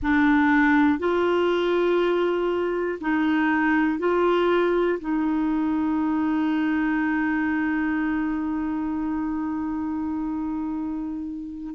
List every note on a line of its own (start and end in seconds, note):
0.02 0.98 D4
0.98 2.98 F4
3.00 3.98 D#4
3.98 4.98 F4
5.00 11.75 D#4